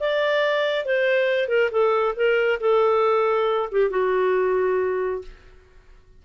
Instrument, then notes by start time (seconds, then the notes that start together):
clarinet
0.00 D5
0.86 C5
1.49 A#4
1.72 A4
2.16 A#4
2.60 A4
3.71 G4
3.91 F#4